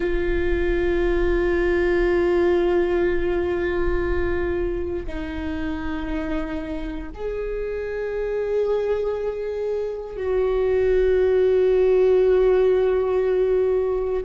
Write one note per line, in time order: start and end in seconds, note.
0.00 5.06 F4
5.06 7.09 D#4
7.14 10.16 G#4
10.16 14.23 F#4